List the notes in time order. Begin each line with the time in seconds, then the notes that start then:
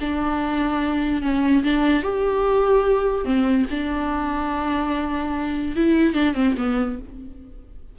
0.00 D4
1.22 C#4
1.63 D4
2.02 G4
3.24 C4
3.70 D4
5.76 E4
6.14 D4
6.34 C4
6.57 B3